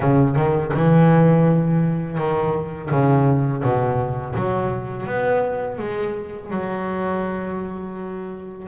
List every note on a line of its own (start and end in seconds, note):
0.00 0.36 C#3
0.36 0.72 D#3
0.73 2.17 E3
2.17 2.89 D#3
2.90 3.63 C#3
3.63 4.35 B2
4.35 5.06 F#3
5.06 5.78 B3
5.78 6.50 G#3
6.50 8.67 F#3